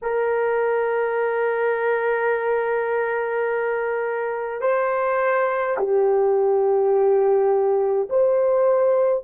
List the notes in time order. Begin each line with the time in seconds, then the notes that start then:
0.02 A#4
4.61 C5
5.77 G4
8.09 C5